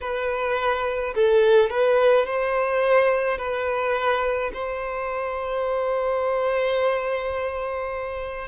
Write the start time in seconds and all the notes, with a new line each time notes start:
0.00 B4
1.14 A4
1.70 B4
2.26 C5
3.38 B4
4.53 C5